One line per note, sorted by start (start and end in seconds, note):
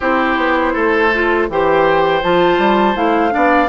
0.00 0.36 C4
0.00 1.12 E4
0.00 0.73 G4
0.00 1.50 C5
0.36 0.73 B3
0.73 1.48 A3
0.73 1.47 A4
1.13 1.50 F4
1.48 2.22 E3
1.48 2.22 G4
1.48 3.34 C5
1.48 2.22 G5
2.22 2.58 F3
2.22 2.94 F4
2.22 2.96 A5
2.58 2.95 G3
2.94 3.32 A3
2.94 3.30 E4
2.94 3.69 F5
3.30 3.69 B3
3.30 3.67 D4
3.30 3.69 D5